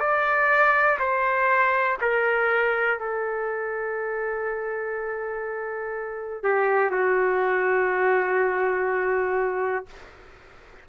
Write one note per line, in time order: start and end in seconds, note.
0.00 0.98 D5
0.99 1.98 C5
2.01 2.99 A#4
2.99 6.43 A4
6.43 6.91 G4
6.91 9.86 F#4